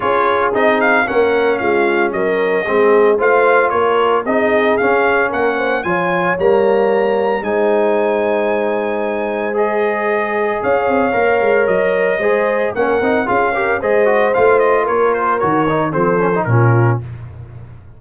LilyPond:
<<
  \new Staff \with { instrumentName = "trumpet" } { \time 4/4 \tempo 4 = 113 cis''4 dis''8 f''8 fis''4 f''4 | dis''2 f''4 cis''4 | dis''4 f''4 fis''4 gis''4 | ais''2 gis''2~ |
gis''2 dis''2 | f''2 dis''2 | fis''4 f''4 dis''4 f''8 dis''8 | cis''8 c''8 cis''4 c''4 ais'4 | }
  \new Staff \with { instrumentName = "horn" } { \time 4/4 gis'2 ais'4 f'4 | ais'4 gis'4 c''4 ais'4 | gis'2 ais'8 c''8 cis''4~ | cis''2 c''2~ |
c''1 | cis''2. c''4 | ais'4 gis'8 ais'8 c''2 | ais'2 a'4 f'4 | }
  \new Staff \with { instrumentName = "trombone" } { \time 4/4 f'4 dis'4 cis'2~ | cis'4 c'4 f'2 | dis'4 cis'2 f'4 | ais2 dis'2~ |
dis'2 gis'2~ | gis'4 ais'2 gis'4 | cis'8 dis'8 f'8 g'8 gis'8 fis'8 f'4~ | f'4 fis'8 dis'8 c'8 cis'16 dis'16 cis'4 | }
  \new Staff \with { instrumentName = "tuba" } { \time 4/4 cis'4 c'4 ais4 gis4 | fis4 gis4 a4 ais4 | c'4 cis'4 ais4 f4 | g2 gis2~ |
gis1 | cis'8 c'8 ais8 gis8 fis4 gis4 | ais8 c'8 cis'4 gis4 a4 | ais4 dis4 f4 ais,4 | }
>>